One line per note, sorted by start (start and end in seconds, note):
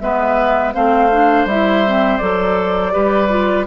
0.00 0.75 G#3
0.00 0.73 B3
0.00 0.74 B4
0.00 0.73 E5
0.73 1.45 A3
0.73 1.10 C4
0.73 2.93 C5
0.73 1.47 F5
1.12 1.48 D4
1.45 2.18 G3
1.45 1.86 E4
1.45 2.17 E5
1.86 2.21 C4
2.17 2.95 F#3
2.17 2.92 A4
2.17 3.64 D5
2.92 3.67 G3
2.92 3.29 G4
2.92 3.66 B4
3.29 3.66 F4